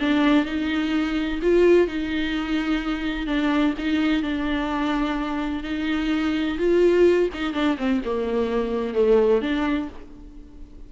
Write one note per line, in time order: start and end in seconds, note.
0.00 0.46 D4
0.46 1.40 D#4
1.42 1.87 F4
1.87 3.27 D#4
3.27 3.74 D4
3.78 4.23 D#4
4.23 5.64 D4
5.64 6.58 D#4
6.58 7.29 F4
7.34 7.54 D#4
7.54 7.77 D4
7.78 8.02 C4
8.05 8.94 A#3
8.94 9.42 A3
9.42 9.89 D4